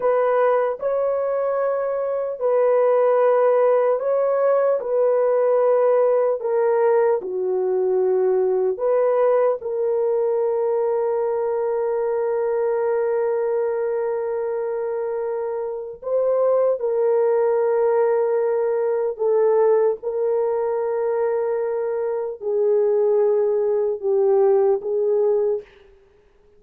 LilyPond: \new Staff \with { instrumentName = "horn" } { \time 4/4 \tempo 4 = 75 b'4 cis''2 b'4~ | b'4 cis''4 b'2 | ais'4 fis'2 b'4 | ais'1~ |
ais'1 | c''4 ais'2. | a'4 ais'2. | gis'2 g'4 gis'4 | }